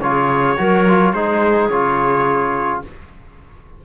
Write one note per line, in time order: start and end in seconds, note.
0.00 0.56 C#3
0.00 0.57 F4
0.00 1.13 C#5
0.06 0.59 G#4
0.57 1.13 F#3
0.57 0.85 F#4
0.57 1.14 A#4
0.88 1.15 F4
1.13 1.69 G#3
1.13 1.71 D#4
1.13 2.82 G#4
1.13 1.69 C5
1.69 2.82 C#3
1.69 2.84 F4
1.69 2.81 C#5